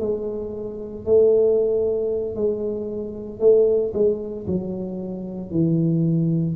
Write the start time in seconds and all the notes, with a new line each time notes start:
0.00 G#3
1.05 A3
2.36 G#3
3.40 A3
3.94 G#3
4.47 F#3
5.51 E3